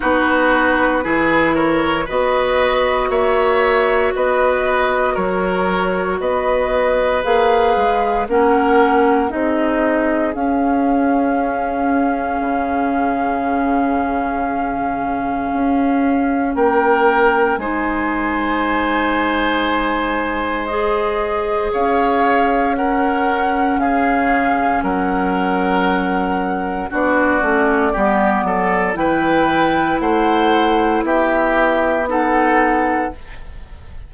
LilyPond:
<<
  \new Staff \with { instrumentName = "flute" } { \time 4/4 \tempo 4 = 58 b'4. cis''8 dis''4 e''4 | dis''4 cis''4 dis''4 f''4 | fis''4 dis''4 f''2~ | f''1 |
g''4 gis''2. | dis''4 f''4 fis''4 f''4 | fis''2 d''2 | g''4 fis''4 e''4 fis''4 | }
  \new Staff \with { instrumentName = "oboe" } { \time 4/4 fis'4 gis'8 ais'8 b'4 cis''4 | b'4 ais'4 b'2 | ais'4 gis'2.~ | gis'1 |
ais'4 c''2.~ | c''4 cis''4 ais'4 gis'4 | ais'2 fis'4 g'8 a'8 | b'4 c''4 g'4 a'4 | }
  \new Staff \with { instrumentName = "clarinet" } { \time 4/4 dis'4 e'4 fis'2~ | fis'2. gis'4 | cis'4 dis'4 cis'2~ | cis'1~ |
cis'4 dis'2. | gis'2 cis'2~ | cis'2 d'8 cis'8 b4 | e'2. dis'4 | }
  \new Staff \with { instrumentName = "bassoon" } { \time 4/4 b4 e4 b4 ais4 | b4 fis4 b4 ais8 gis8 | ais4 c'4 cis'2 | cis2. cis'4 |
ais4 gis2.~ | gis4 cis'2 cis4 | fis2 b8 a8 g8 fis8 | e4 a4 b2 | }
>>